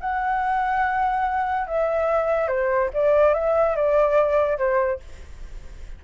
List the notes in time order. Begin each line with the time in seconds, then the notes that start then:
0.00 F#5
1.67 E5
2.48 C5
2.93 D5
3.34 E5
3.75 D5
4.57 C5